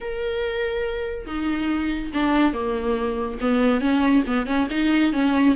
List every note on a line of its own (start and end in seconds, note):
0.00 1.26 A#4
1.26 2.11 D#4
2.13 2.53 D4
2.53 3.38 A#3
3.40 3.80 B3
3.80 4.23 C#4
4.26 4.46 B3
4.46 4.67 C#4
4.70 5.12 D#4
5.12 5.55 C#4